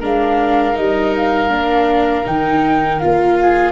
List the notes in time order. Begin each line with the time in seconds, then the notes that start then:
0.00 G#3 D4 A#4 F5
0.74 G3 D#4 D#5
1.16 F5
1.49 A#3 D4
2.25 D#3 D#4 G5
3.00 A#3 F4 F5
3.42 G#4